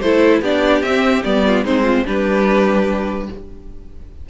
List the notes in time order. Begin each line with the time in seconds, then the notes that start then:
0.00 A3 E4 A4 C5
0.41 B3 D4 G4 D5
0.82 C4 E5
1.24 G3 B3 D5
1.46 F4
1.62 G#3 C4 D#4 C5
1.83 F4
2.05 G3 D4 G4 B4